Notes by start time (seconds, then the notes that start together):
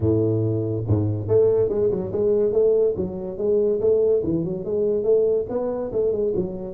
0.00 A2
0.87 G#2
1.28 A3
1.69 G#3
1.90 F#3
2.11 G#3
2.52 A3
2.96 F#3
3.37 G#3
3.80 A3
4.23 E3
4.44 F#3
4.64 G#3
5.03 A3
5.49 B3
5.92 A3
6.12 G#3
6.35 F#3